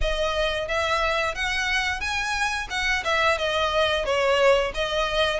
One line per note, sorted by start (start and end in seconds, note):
0.01 0.67 D#5
0.67 1.34 E5
1.34 2.00 F#5
2.00 2.67 G#5
2.70 3.03 F#5
3.04 3.38 E5
3.38 4.05 D#5
4.05 4.72 C#5
4.74 5.40 D#5